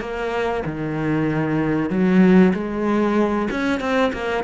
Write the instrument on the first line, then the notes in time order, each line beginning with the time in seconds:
cello
0.00 A#3
0.65 D#3
1.90 F#3
2.54 G#3
3.51 C#4
3.80 C4
4.13 A#3